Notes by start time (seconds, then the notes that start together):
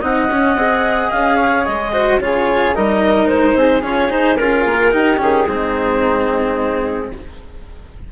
0.00 C4 D#4 D#5 F#5
0.29 C#4
0.55 C4 G#4
1.10 C#4 F5
1.36 C#5
1.64 G#3 D#5
1.92 F#4 C5
2.19 C#3 F4 G#4 C#5
2.75 G3 D#4 A#4 D#5
3.27 G#3 C5
3.54 C4 G#4
3.82 C#4 F4 C#5
4.09 D#4 C5
4.36 C#4 F4 A#4
4.65 A#3
4.91 D#4 G4
5.17 D#3 C#4 G#4
5.47 G#3 C4 D#4